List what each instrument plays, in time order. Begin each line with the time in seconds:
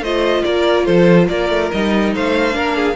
0.00 cello A3, viola F4, violin C5 D#5
0.44 cello A#3, violin A#4 D5
0.85 cello F3, violin A4 C5
1.28 cello A#3, violin A#4 D5
1.49 cello A3
1.71 cello G3, viola D#4, violin D#5
2.14 cello A3, violin C5 F5
2.51 cello A#3, viola D4, violin A#4
2.76 violin G#4